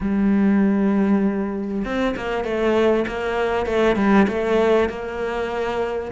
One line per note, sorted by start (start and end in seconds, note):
0.01 1.84 G3
1.84 2.15 C4
2.16 2.44 A#3
2.44 3.05 A3
3.07 3.66 A#3
3.66 3.96 A3
3.96 4.26 G3
4.28 4.89 A3
4.89 6.11 A#3